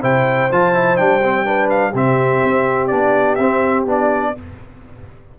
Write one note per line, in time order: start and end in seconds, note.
0.00 0.50 C3
0.00 0.49 E4
0.00 1.44 C5
0.00 0.51 G5
0.52 0.99 F3
0.52 0.74 F4
0.52 0.96 A5
0.74 0.97 E4
0.96 1.93 G3
0.96 1.21 D4
0.96 1.68 G5
1.23 1.45 C4
1.45 1.93 D4
1.45 1.91 B4
1.69 1.93 F5
1.91 2.41 C3
1.91 2.90 C4
1.91 4.31 G4
1.91 2.87 E5
2.44 2.91 C4
2.87 3.38 B3
2.87 3.38 D4
2.87 3.35 D5
3.35 3.86 C4
3.35 3.87 C4
3.35 3.83 E5
3.86 4.34 B3
3.86 4.35 D4
3.86 4.38 D5